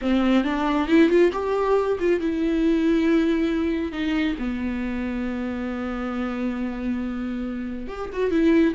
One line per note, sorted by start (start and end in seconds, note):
0.01 0.44 C4
0.44 0.87 D4
0.87 1.09 E4
1.09 1.31 F4
1.32 1.98 G4
1.99 2.20 F4
2.20 3.92 E4
3.92 4.35 D#4
4.39 7.87 B3
7.87 8.09 G4
8.13 8.30 F#4
8.30 8.74 E4